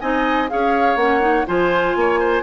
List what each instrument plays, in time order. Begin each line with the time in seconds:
0.00 bassoon C4, clarinet D#4, oboe D#5, flute G#5
0.49 bassoon C#4, clarinet G#4, oboe C#5, flute F5
0.96 bassoon A#3, clarinet C#4, flute F#5
1.20 clarinet D#4
1.46 bassoon F3, clarinet F4, oboe C5, flute G#5
1.96 bassoon A#3, oboe C#5
2.20 oboe C5